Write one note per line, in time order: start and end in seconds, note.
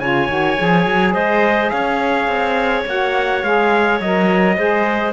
0.00 0.29 C#3
0.00 0.29 F4
0.00 1.14 C#5
0.00 1.14 G#5
0.29 0.58 D#3
0.29 0.58 F#4
0.58 0.87 F3
0.58 2.86 G#4
0.87 1.15 F#3
1.14 1.72 G#3
1.14 1.72 C5
1.14 1.70 D#5
1.70 2.28 C#4
1.70 4.58 C#5
1.70 2.84 F5
2.28 2.85 C4
2.86 3.43 A#3
2.86 3.44 F#4
2.86 3.44 F#5
3.43 4.00 G#3
3.43 4.01 G#4
3.43 4.01 F5
4.00 4.58 F#3
4.00 4.57 A#4
4.00 5.14 D#5
4.57 5.14 G#3
4.57 5.14 G#4
4.57 5.14 C5